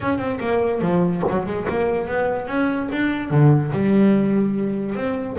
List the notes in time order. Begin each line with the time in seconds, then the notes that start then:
0.01 C#4
0.18 C4
0.39 A#3
0.81 F3
1.29 F#3
1.45 G#3
1.69 A#3
2.07 B3
2.47 C#4
2.92 D4
3.30 D3
3.72 G3
4.95 C4